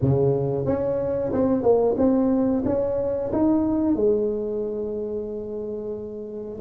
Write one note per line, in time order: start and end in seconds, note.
0.01 0.65 C#3
0.65 1.31 C#4
1.32 1.62 C4
1.62 1.95 A#3
1.98 2.63 C4
2.65 3.31 C#4
3.32 3.95 D#4
3.95 6.59 G#3